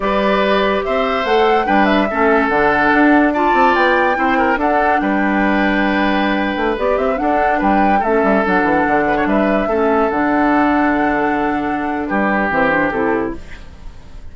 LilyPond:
<<
  \new Staff \with { instrumentName = "flute" } { \time 4/4 \tempo 4 = 144 d''2 e''4 fis''4 | g''8 e''4. fis''2 | a''4 g''2 fis''4 | g''1~ |
g''16 d''8 e''8 fis''4 g''4 e''8.~ | e''16 fis''2 e''4.~ e''16~ | e''16 fis''2.~ fis''8.~ | fis''4 b'4 c''4 a'4 | }
  \new Staff \with { instrumentName = "oboe" } { \time 4/4 b'2 c''2 | b'4 a'2. | d''2 c''8 ais'8 a'4 | b'1~ |
b'4~ b'16 a'4 b'4 a'8.~ | a'4.~ a'16 b'16 cis''16 b'4 a'8.~ | a'1~ | a'4 g'2. | }
  \new Staff \with { instrumentName = "clarinet" } { \time 4/4 g'2. a'4 | d'4 cis'4 d'2 | f'2 e'4 d'4~ | d'1~ |
d'16 g'4 d'2 cis'8.~ | cis'16 d'2. cis'8.~ | cis'16 d'2.~ d'8.~ | d'2 c'8 d'8 e'4 | }
  \new Staff \with { instrumentName = "bassoon" } { \time 4/4 g2 c'4 a4 | g4 a4 d4 d'4~ | d'8 c'8 b4 c'4 d'4 | g2.~ g8. a16~ |
a16 b8 c'8 d'4 g4 a8 g16~ | g16 fis8 e8 d4 g4 a8.~ | a16 d2.~ d8.~ | d4 g4 e4 c4 | }
>>